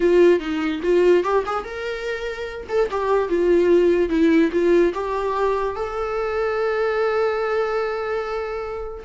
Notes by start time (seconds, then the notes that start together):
0.00 F4
0.39 D#4
0.83 F4
1.23 G4
1.46 G#4
1.64 A#4
2.68 A4
2.90 G4
3.29 F4
4.09 E4
4.51 F4
4.94 G4
5.75 A4